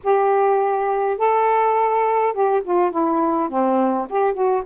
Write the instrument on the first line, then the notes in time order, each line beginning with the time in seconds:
saxophone
0.03 G4
1.17 A4
2.33 G4
2.63 F4
2.91 E4
3.49 C4
4.09 G4
4.33 F#4